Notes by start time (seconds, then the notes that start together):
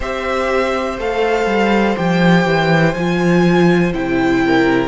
0.00 C4 G4 C5 E5
0.98 A3 A4 F5
1.45 G3
1.96 F3 G4 G5
2.45 E3
2.94 F3 F4 G#5
3.93 C3 E4 G5
4.45 A#4